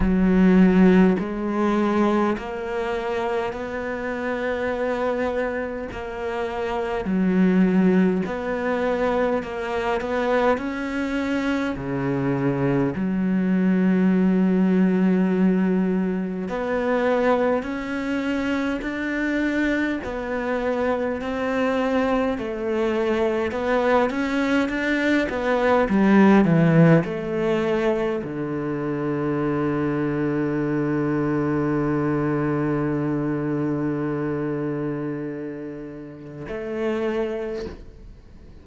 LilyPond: \new Staff \with { instrumentName = "cello" } { \time 4/4 \tempo 4 = 51 fis4 gis4 ais4 b4~ | b4 ais4 fis4 b4 | ais8 b8 cis'4 cis4 fis4~ | fis2 b4 cis'4 |
d'4 b4 c'4 a4 | b8 cis'8 d'8 b8 g8 e8 a4 | d1~ | d2. a4 | }